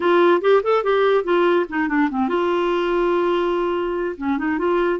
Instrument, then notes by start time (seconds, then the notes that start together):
clarinet
0.00 F4
0.41 G4
0.63 A4
0.83 G4
1.24 F4
1.69 D#4
1.88 D4
2.10 C4
2.28 F4
4.17 C#4
4.37 D#4
4.58 F4